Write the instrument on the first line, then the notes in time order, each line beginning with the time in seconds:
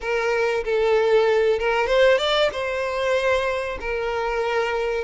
violin
0.01 A#4
0.64 A4
1.59 A#4
1.86 C5
2.18 D5
2.52 C5
3.80 A#4